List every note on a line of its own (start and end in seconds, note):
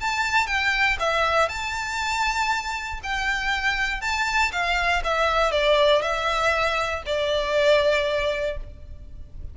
0.00 0.46 A5
0.46 0.97 G5
0.99 1.49 E5
1.49 3.00 A5
3.03 4.01 G5
4.01 4.51 A5
4.52 5.02 F5
5.04 5.51 E5
5.51 6.02 D5
6.02 7.03 E5
7.06 8.57 D5